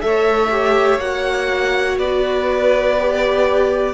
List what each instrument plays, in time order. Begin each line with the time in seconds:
0.00 cello A3, viola A4, violin C#5 E5
0.50 viola G4
0.98 cello A#3, viola F#4, violin F#5
1.97 cello B3, violin B4 D5
2.99 viola G4